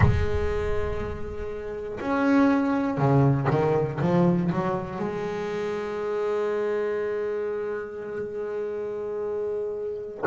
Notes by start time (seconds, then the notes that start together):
0.00 G#3
2.00 C#4
2.97 C#3
3.50 D#3
4.00 F3
4.51 F#3
4.99 G#3